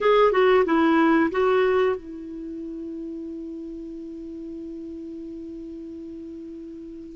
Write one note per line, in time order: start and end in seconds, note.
0.00 0.31 G#4
0.31 0.64 F#4
0.65 1.30 E4
1.31 1.96 F#4
1.96 7.16 E4